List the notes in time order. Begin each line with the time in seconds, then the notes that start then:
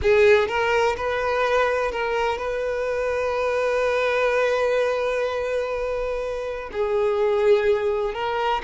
0.02 G#4
0.48 A#4
0.96 B4
1.91 A#4
2.38 B4
6.72 G#4
8.14 A#4